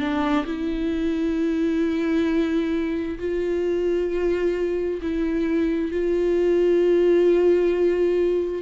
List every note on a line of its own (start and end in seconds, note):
0.00 0.45 D4
0.46 3.19 E4
3.19 5.01 F4
5.02 5.92 E4
5.92 8.63 F4